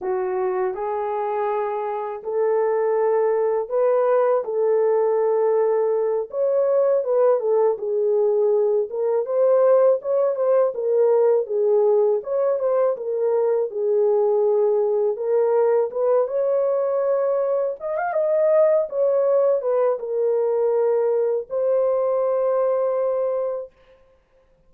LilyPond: \new Staff \with { instrumentName = "horn" } { \time 4/4 \tempo 4 = 81 fis'4 gis'2 a'4~ | a'4 b'4 a'2~ | a'8 cis''4 b'8 a'8 gis'4. | ais'8 c''4 cis''8 c''8 ais'4 gis'8~ |
gis'8 cis''8 c''8 ais'4 gis'4.~ | gis'8 ais'4 b'8 cis''2 | dis''16 f''16 dis''4 cis''4 b'8 ais'4~ | ais'4 c''2. | }